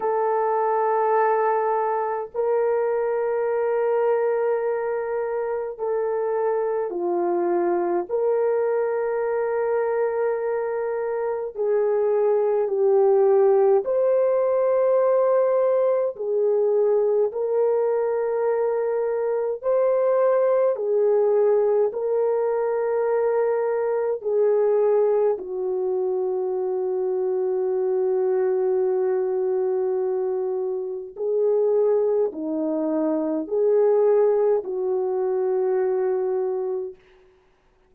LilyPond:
\new Staff \with { instrumentName = "horn" } { \time 4/4 \tempo 4 = 52 a'2 ais'2~ | ais'4 a'4 f'4 ais'4~ | ais'2 gis'4 g'4 | c''2 gis'4 ais'4~ |
ais'4 c''4 gis'4 ais'4~ | ais'4 gis'4 fis'2~ | fis'2. gis'4 | dis'4 gis'4 fis'2 | }